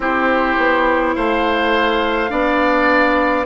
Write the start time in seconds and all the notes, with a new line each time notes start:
0.00 C4 E4 G4 C5
0.57 B3
1.15 A3 C5 F5
2.29 B3 D4 D5